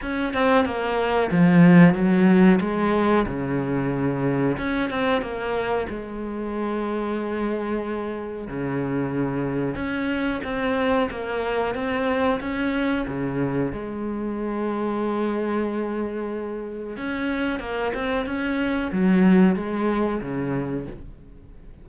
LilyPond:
\new Staff \with { instrumentName = "cello" } { \time 4/4 \tempo 4 = 92 cis'8 c'8 ais4 f4 fis4 | gis4 cis2 cis'8 c'8 | ais4 gis2.~ | gis4 cis2 cis'4 |
c'4 ais4 c'4 cis'4 | cis4 gis2.~ | gis2 cis'4 ais8 c'8 | cis'4 fis4 gis4 cis4 | }